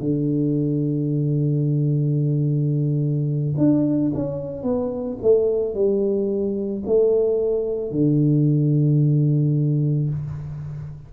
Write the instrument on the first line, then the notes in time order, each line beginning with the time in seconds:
tuba
0.00 D3
3.57 D4
4.14 C#4
4.63 B3
5.22 A3
5.74 G3
6.86 A3
7.91 D3